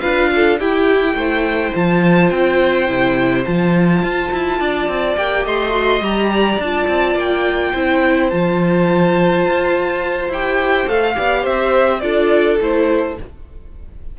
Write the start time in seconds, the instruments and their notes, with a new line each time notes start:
0.00 cello D4, viola F4, violin B4 F5
0.35 violin A4
0.59 cello E4, viola E4, violin G4 G5
1.14 cello A3, violin C5
1.74 cello F3, viola F4, violin A5
2.30 cello C4, violin G5
2.87 cello C3, viola E4
3.45 cello F3, viola F4, violin A5
4.02 cello F4
4.31 cello E4
4.59 cello D4, violin D5
4.87 cello C4
5.16 cello A#3, viola G4, violin G5
5.44 cello A3, violin D#5 C6
5.70 viola F#4
6.01 cello G3, viola G4, violin A#5
6.34 violin D5
6.58 cello D4, violin A5
6.64 viola F4
6.87 cello C4
7.15 cello A#3, violin G5
7.72 cello C4, viola E4, violin C5
8.29 cello F3, viola F4, violin A5
9.45 cello F4
10.29 cello E4, viola G4, violin G5
10.87 cello A3, viola A4, violin F5
11.14 cello B3, viola G4, violin D5
11.41 cello C4, violin C5 E5
12.00 cello D4, viola F4, violin A4 D5
12.60 cello A3, viola E4, violin C5